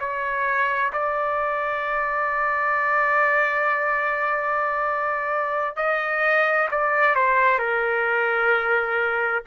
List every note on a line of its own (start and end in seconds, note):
0.00 0.92 C#5
0.93 5.77 D5
5.77 6.69 D#5
6.71 7.15 D5
7.15 7.59 C5
7.59 9.44 A#4